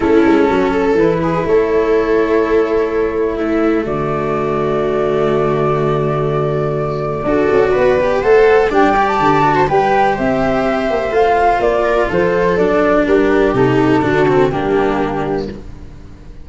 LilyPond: <<
  \new Staff \with { instrumentName = "flute" } { \time 4/4 \tempo 4 = 124 a'2 b'4 cis''4~ | cis''2. e''4 | d''1~ | d''1~ |
d''4 fis''4 g''8. a''4~ a''16 | g''4 e''2 f''4 | d''4 c''4 d''4 ais'4 | a'2 g'2 | }
  \new Staff \with { instrumentName = "viola" } { \time 4/4 e'4 fis'8 a'4 gis'8 a'4~ | a'2. e'4 | fis'1~ | fis'2. a'4 |
b'4 c''4 d''4.~ d''16 c''16 | b'4 c''2.~ | c''8 ais'8 a'2 g'4~ | g'4 fis'4 d'2 | }
  \new Staff \with { instrumentName = "cello" } { \time 4/4 cis'2 e'2~ | e'2. a4~ | a1~ | a2. fis'4~ |
fis'8 g'8 a'4 d'8 g'4 fis'8 | g'2. f'4~ | f'2 d'2 | dis'4 d'8 c'8 ais2 | }
  \new Staff \with { instrumentName = "tuba" } { \time 4/4 a8 gis8 fis4 e4 a4~ | a1 | d1~ | d2. d'8 cis'8 |
b4 a4 g4 d4 | g4 c'4. ais8 a4 | ais4 f4 fis4 g4 | c4 d4 g2 | }
>>